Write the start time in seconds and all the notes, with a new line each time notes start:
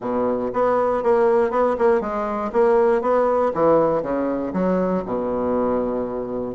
0.00 B2
0.53 B3
1.03 A#3
1.50 B3
1.78 A#3
2.00 G#3
2.52 A#3
3.01 B3
3.54 E3
4.02 C#3
4.53 F#3
5.05 B2